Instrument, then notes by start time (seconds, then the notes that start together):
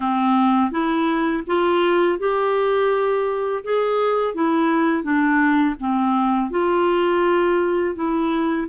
clarinet
0.00 C4
0.71 E4
1.46 F4
2.19 G4
3.64 G#4
4.34 E4
5.03 D4
5.79 C4
6.50 F4
7.95 E4